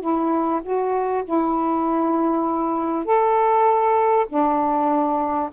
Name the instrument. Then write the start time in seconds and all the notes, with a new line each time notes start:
saxophone
0.00 E4
0.63 F#4
1.24 E4
3.05 A4
4.28 D4